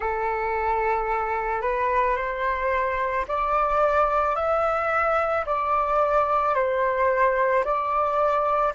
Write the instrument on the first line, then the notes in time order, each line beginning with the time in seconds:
flute
0.00 A4
1.61 B4
2.16 C5
3.28 D5
4.35 E5
5.45 D5
6.55 C5
7.64 D5